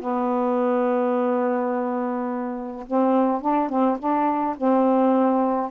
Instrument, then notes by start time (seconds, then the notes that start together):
saxophone
0.00 B3
2.87 C4
3.41 D4
3.69 C4
3.99 D4
4.57 C4